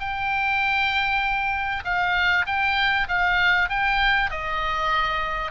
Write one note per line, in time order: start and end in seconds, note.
0.00 1.84 G5
1.85 2.46 F5
2.46 3.08 G5
3.08 3.69 F5
3.69 4.31 G5
4.31 5.51 D#5